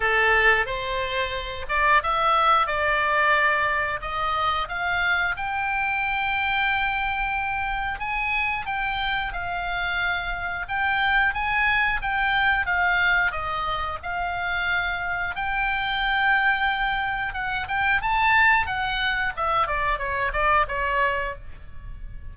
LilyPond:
\new Staff \with { instrumentName = "oboe" } { \time 4/4 \tempo 4 = 90 a'4 c''4. d''8 e''4 | d''2 dis''4 f''4 | g''1 | gis''4 g''4 f''2 |
g''4 gis''4 g''4 f''4 | dis''4 f''2 g''4~ | g''2 fis''8 g''8 a''4 | fis''4 e''8 d''8 cis''8 d''8 cis''4 | }